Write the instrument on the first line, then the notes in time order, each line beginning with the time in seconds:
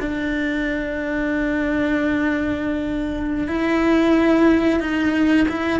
cello
0.00 D4
3.48 E4
4.80 D#4
5.48 E4